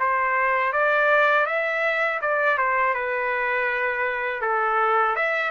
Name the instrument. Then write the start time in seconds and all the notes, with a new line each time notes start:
trumpet
0.00 C5
0.73 D5
1.47 E5
2.22 D5
2.58 C5
2.95 B4
4.42 A4
5.16 E5